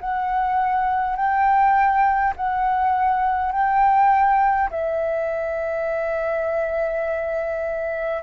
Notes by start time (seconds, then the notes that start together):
0.00 F#5
1.16 G5
2.36 F#5
3.52 G5
4.70 E5